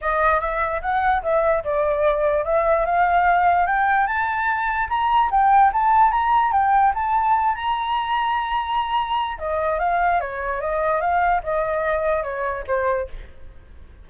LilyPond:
\new Staff \with { instrumentName = "flute" } { \time 4/4 \tempo 4 = 147 dis''4 e''4 fis''4 e''4 | d''2 e''4 f''4~ | f''4 g''4 a''2 | ais''4 g''4 a''4 ais''4 |
g''4 a''4. ais''4.~ | ais''2. dis''4 | f''4 cis''4 dis''4 f''4 | dis''2 cis''4 c''4 | }